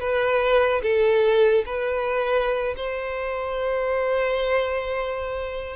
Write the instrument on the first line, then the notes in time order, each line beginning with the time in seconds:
violin
0.00 B4
0.83 A4
1.66 B4
2.76 C5